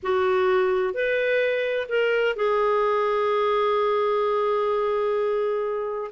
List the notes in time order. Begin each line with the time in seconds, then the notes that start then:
0.02 F#4
0.94 B4
1.89 A#4
2.36 G#4